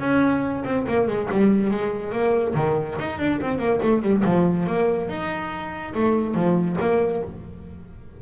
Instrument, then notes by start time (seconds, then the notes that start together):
double bass
0.00 C#4
0.65 C4
0.88 A#3
1.07 G#3
1.31 G3
1.70 G#3
2.12 A#3
2.55 D#3
2.99 D#4
3.19 D4
3.41 C4
3.59 A#3
3.82 A3
4.02 G3
4.25 F3
4.67 A#3
5.09 D#4
5.94 A3
6.34 F3
6.80 A#3